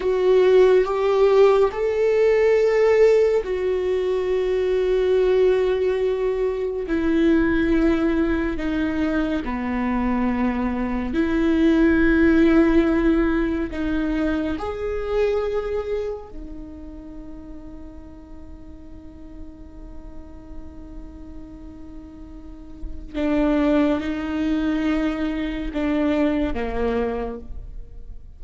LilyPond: \new Staff \with { instrumentName = "viola" } { \time 4/4 \tempo 4 = 70 fis'4 g'4 a'2 | fis'1 | e'2 dis'4 b4~ | b4 e'2. |
dis'4 gis'2 dis'4~ | dis'1~ | dis'2. d'4 | dis'2 d'4 ais4 | }